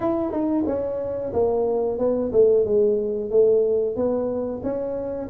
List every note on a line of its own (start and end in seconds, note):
0.00 0.31 E4
0.31 0.64 D#4
0.66 1.32 C#4
1.33 1.98 A#3
1.98 2.31 B3
2.32 2.65 A3
2.65 3.30 G#3
3.30 3.96 A3
3.96 4.62 B3
4.63 5.29 C#4